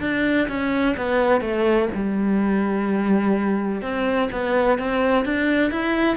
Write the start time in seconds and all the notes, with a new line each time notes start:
0.00 D4
0.48 C#4
0.97 B3
1.41 A3
1.94 G3
3.81 C4
4.32 B3
4.78 C4
5.25 D4
5.71 E4